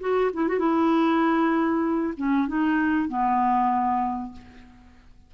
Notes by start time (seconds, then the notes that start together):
0.00 F#4
0.33 E4
0.48 F#4
0.59 E4
2.17 C#4
2.48 D#4
3.08 B3